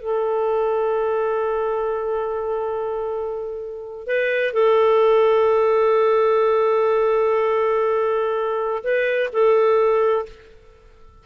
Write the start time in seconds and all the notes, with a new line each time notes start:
0.00 A4
4.07 B4
4.53 A4
8.84 B4
9.33 A4